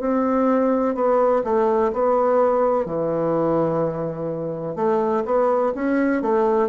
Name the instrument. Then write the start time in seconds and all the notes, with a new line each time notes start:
bassoon
0.00 C4
0.94 B3
1.44 A3
1.93 B3
2.85 E3
4.75 A3
5.25 B3
5.74 C#4
6.22 A3